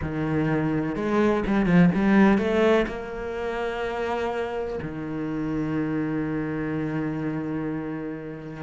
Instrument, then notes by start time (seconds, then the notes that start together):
cello
0.01 D#3
0.95 G#3
1.47 G3
1.65 F3
1.95 G3
2.38 A3
2.87 A#3
4.82 D#3